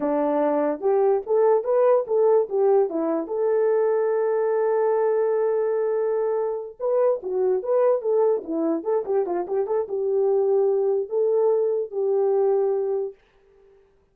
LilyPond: \new Staff \with { instrumentName = "horn" } { \time 4/4 \tempo 4 = 146 d'2 g'4 a'4 | b'4 a'4 g'4 e'4 | a'1~ | a'1~ |
a'8 b'4 fis'4 b'4 a'8~ | a'8 e'4 a'8 g'8 f'8 g'8 a'8 | g'2. a'4~ | a'4 g'2. | }